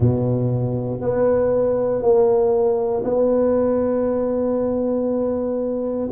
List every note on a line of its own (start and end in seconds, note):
0.00 1.00 B2
1.00 2.02 B3
2.02 3.03 A#3
3.04 6.09 B3